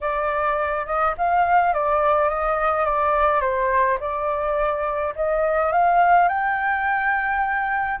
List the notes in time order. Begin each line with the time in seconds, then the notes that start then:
0.00 D5
0.85 D#5
1.17 F5
1.73 D5
2.29 D#5
2.85 D5
3.40 C5
3.99 D5
5.15 D#5
5.72 F5
6.28 G5